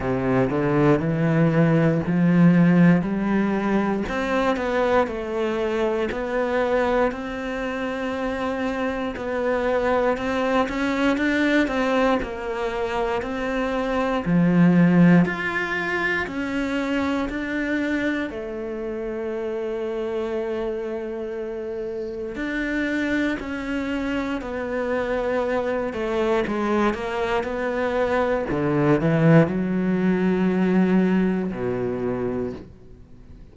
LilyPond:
\new Staff \with { instrumentName = "cello" } { \time 4/4 \tempo 4 = 59 c8 d8 e4 f4 g4 | c'8 b8 a4 b4 c'4~ | c'4 b4 c'8 cis'8 d'8 c'8 | ais4 c'4 f4 f'4 |
cis'4 d'4 a2~ | a2 d'4 cis'4 | b4. a8 gis8 ais8 b4 | d8 e8 fis2 b,4 | }